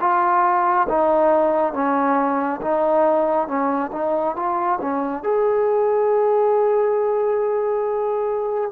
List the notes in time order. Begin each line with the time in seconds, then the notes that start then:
0.00 F4
0.89 D#4
1.73 C#4
2.61 D#4
3.47 C#4
3.92 D#4
4.36 F4
4.80 C#4
5.23 G#4